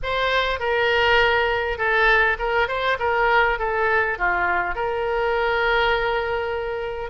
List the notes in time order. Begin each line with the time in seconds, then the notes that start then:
0.02 C5
0.59 A#4
1.77 A4
2.38 A#4
2.68 C5
2.99 A#4
3.59 A4
4.18 F4
4.75 A#4